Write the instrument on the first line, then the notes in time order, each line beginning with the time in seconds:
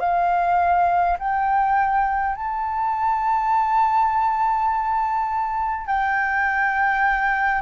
flute
0.00 F5
1.19 G5
2.36 A5
5.87 G5